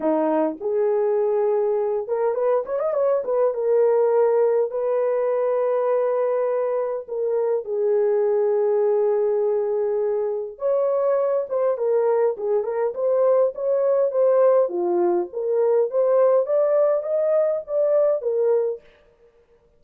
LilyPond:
\new Staff \with { instrumentName = "horn" } { \time 4/4 \tempo 4 = 102 dis'4 gis'2~ gis'8 ais'8 | b'8 cis''16 dis''16 cis''8 b'8 ais'2 | b'1 | ais'4 gis'2.~ |
gis'2 cis''4. c''8 | ais'4 gis'8 ais'8 c''4 cis''4 | c''4 f'4 ais'4 c''4 | d''4 dis''4 d''4 ais'4 | }